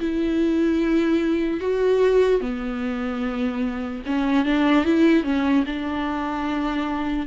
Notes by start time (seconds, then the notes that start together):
0.00 E4
1.61 F#4
2.41 B3
4.06 C#4
4.46 D4
4.85 E4
5.24 C#4
5.66 D4